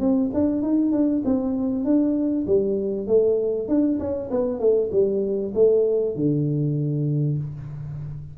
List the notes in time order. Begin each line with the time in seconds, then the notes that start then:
0.00 C4
0.34 D4
0.62 D#4
0.92 D4
1.25 C4
1.85 D4
2.47 G3
3.07 A3
3.68 D4
3.99 C#4
4.31 B3
4.60 A3
4.92 G3
5.54 A3
6.16 D3